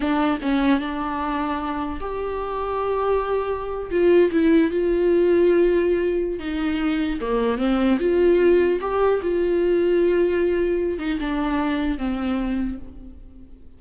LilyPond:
\new Staff \with { instrumentName = "viola" } { \time 4/4 \tempo 4 = 150 d'4 cis'4 d'2~ | d'4 g'2.~ | g'4.~ g'16 f'4 e'4 f'16~ | f'1 |
dis'2 ais4 c'4 | f'2 g'4 f'4~ | f'2.~ f'8 dis'8 | d'2 c'2 | }